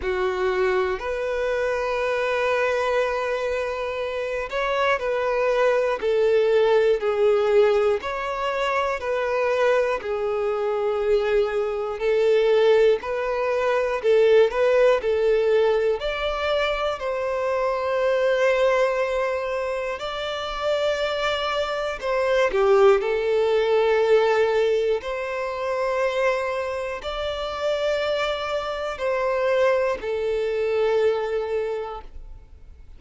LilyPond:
\new Staff \with { instrumentName = "violin" } { \time 4/4 \tempo 4 = 60 fis'4 b'2.~ | b'8 cis''8 b'4 a'4 gis'4 | cis''4 b'4 gis'2 | a'4 b'4 a'8 b'8 a'4 |
d''4 c''2. | d''2 c''8 g'8 a'4~ | a'4 c''2 d''4~ | d''4 c''4 a'2 | }